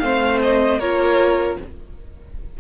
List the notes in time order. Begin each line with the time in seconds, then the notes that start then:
0.00 A3 C4 C5 F5
0.43 D#5
0.79 A#3 F4 A#4 C#5